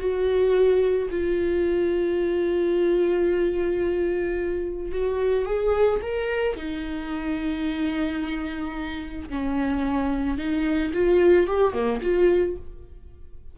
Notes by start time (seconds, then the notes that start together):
0.00 F#4
1.11 F4
4.92 F#4
5.46 G#4
6.02 A#4
6.57 D#4
9.30 C#4
10.38 D#4
10.94 F4
11.47 G4
11.74 A#3
12.02 F4